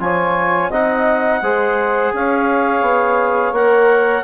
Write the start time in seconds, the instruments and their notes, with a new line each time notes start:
0.00 bassoon F3, trombone F4, saxophone C#5, clarinet G#5
0.70 bassoon C4, trombone D#4, saxophone D#5, clarinet F#5
1.42 bassoon G#3, trombone G#4, saxophone C5
2.13 bassoon C#4, saxophone C#5, clarinet F5
2.81 bassoon B3
3.52 bassoon A#3, trombone A#4, clarinet F#5